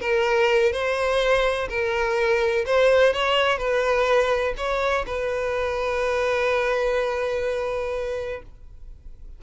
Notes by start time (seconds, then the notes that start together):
0.00 A#4
0.72 C5
1.69 A#4
2.66 C5
3.13 C#5
3.58 B4
4.57 C#5
5.06 B4